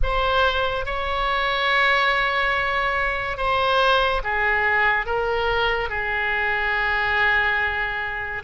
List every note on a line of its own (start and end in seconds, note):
0.02 0.85 C5
0.85 3.37 C#5
3.37 4.21 C5
4.23 5.06 G#4
5.06 5.89 A#4
5.89 8.42 G#4